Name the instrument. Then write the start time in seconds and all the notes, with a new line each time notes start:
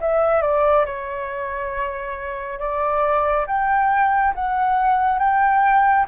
flute
0.00 E5
0.41 D5
0.85 C#5
2.59 D5
3.47 G5
4.34 F#5
5.19 G5